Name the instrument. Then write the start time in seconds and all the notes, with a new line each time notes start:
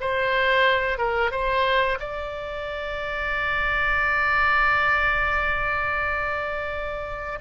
oboe
0.00 C5
0.98 A#4
1.31 C5
1.99 D5